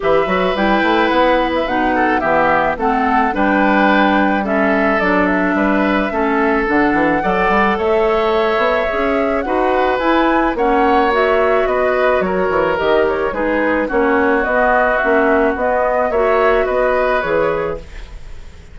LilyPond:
<<
  \new Staff \with { instrumentName = "flute" } { \time 4/4 \tempo 4 = 108 e''4 g''4 fis''8. e''16 fis''4 | e''4 fis''4 g''2 | e''4 d''8 e''2~ e''8 | fis''2 e''2~ |
e''4 fis''4 gis''4 fis''4 | e''4 dis''4 cis''4 dis''8 cis''8 | b'4 cis''4 dis''4 e''4 | dis''4 e''4 dis''4 cis''4 | }
  \new Staff \with { instrumentName = "oboe" } { \time 4/4 b'2.~ b'8 a'8 | g'4 a'4 b'2 | a'2 b'4 a'4~ | a'4 d''4 cis''2~ |
cis''4 b'2 cis''4~ | cis''4 b'4 ais'2 | gis'4 fis'2.~ | fis'4 cis''4 b'2 | }
  \new Staff \with { instrumentName = "clarinet" } { \time 4/4 g'8 fis'8 e'2 dis'4 | b4 c'4 d'2 | cis'4 d'2 cis'4 | d'4 a'2. |
gis'4 fis'4 e'4 cis'4 | fis'2. g'4 | dis'4 cis'4 b4 cis'4 | b4 fis'2 gis'4 | }
  \new Staff \with { instrumentName = "bassoon" } { \time 4/4 e8 fis8 g8 a8 b4 b,4 | e4 a4 g2~ | g4 fis4 g4 a4 | d8 e8 fis8 g8 a4. b8 |
cis'4 dis'4 e'4 ais4~ | ais4 b4 fis8 e8 dis4 | gis4 ais4 b4 ais4 | b4 ais4 b4 e4 | }
>>